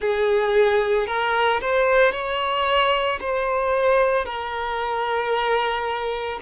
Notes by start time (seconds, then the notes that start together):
0.00 G#4
1.07 A#4
1.60 C5
2.12 C#5
3.20 C5
4.25 A#4